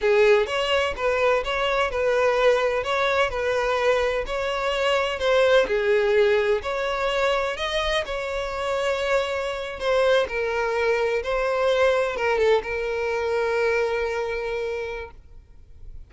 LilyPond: \new Staff \with { instrumentName = "violin" } { \time 4/4 \tempo 4 = 127 gis'4 cis''4 b'4 cis''4 | b'2 cis''4 b'4~ | b'4 cis''2 c''4 | gis'2 cis''2 |
dis''4 cis''2.~ | cis''8. c''4 ais'2 c''16~ | c''4.~ c''16 ais'8 a'8 ais'4~ ais'16~ | ais'1 | }